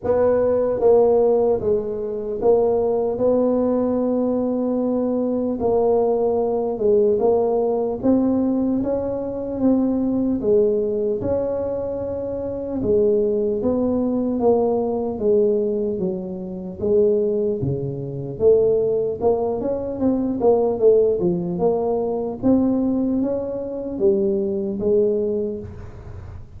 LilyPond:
\new Staff \with { instrumentName = "tuba" } { \time 4/4 \tempo 4 = 75 b4 ais4 gis4 ais4 | b2. ais4~ | ais8 gis8 ais4 c'4 cis'4 | c'4 gis4 cis'2 |
gis4 b4 ais4 gis4 | fis4 gis4 cis4 a4 | ais8 cis'8 c'8 ais8 a8 f8 ais4 | c'4 cis'4 g4 gis4 | }